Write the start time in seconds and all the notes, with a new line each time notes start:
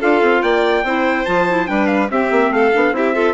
0.00 D4 F4 A4 F5
0.22 C4
0.42 A#3 D5 G5
0.83 C4 E4 C5
1.25 F3 F4 A5
1.49 E4
1.66 G3 D4 B4 G5
1.87 F5
2.10 C4 G4 E5
2.31 A#3
2.50 A3 A4 F5
2.73 B3 D4
2.92 C4 E4 G4 E5
3.13 F4 A4